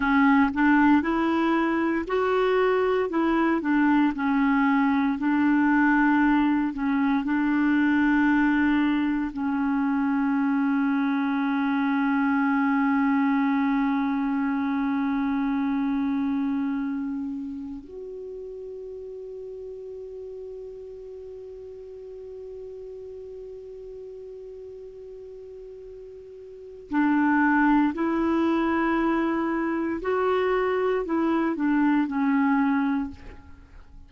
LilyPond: \new Staff \with { instrumentName = "clarinet" } { \time 4/4 \tempo 4 = 58 cis'8 d'8 e'4 fis'4 e'8 d'8 | cis'4 d'4. cis'8 d'4~ | d'4 cis'2.~ | cis'1~ |
cis'4~ cis'16 fis'2~ fis'8.~ | fis'1~ | fis'2 d'4 e'4~ | e'4 fis'4 e'8 d'8 cis'4 | }